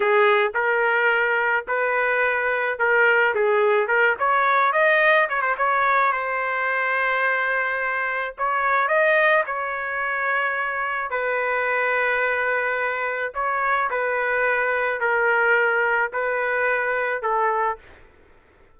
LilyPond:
\new Staff \with { instrumentName = "trumpet" } { \time 4/4 \tempo 4 = 108 gis'4 ais'2 b'4~ | b'4 ais'4 gis'4 ais'8 cis''8~ | cis''8 dis''4 cis''16 c''16 cis''4 c''4~ | c''2. cis''4 |
dis''4 cis''2. | b'1 | cis''4 b'2 ais'4~ | ais'4 b'2 a'4 | }